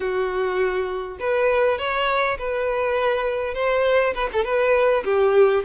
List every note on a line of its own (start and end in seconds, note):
0.00 1.18 F#4
1.19 1.78 B4
1.78 2.37 C#5
2.38 3.54 B4
3.54 4.13 C5
4.14 4.29 B4
4.32 4.44 A4
4.44 5.03 B4
5.04 5.63 G4